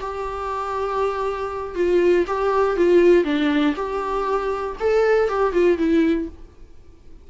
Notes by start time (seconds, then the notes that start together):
0.00 G4
1.75 F4
2.27 G4
2.76 F4
3.24 D4
3.75 G4
4.80 A4
5.28 G4
5.52 F4
5.77 E4